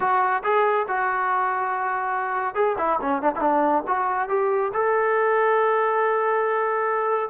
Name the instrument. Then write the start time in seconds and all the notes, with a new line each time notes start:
trombone
0.00 F#4
0.43 G#4
0.88 F#4
2.54 G#4
2.78 E4
3.01 C#4
3.21 D4
3.35 D4 E4
3.87 F#4
4.29 G4
4.73 A4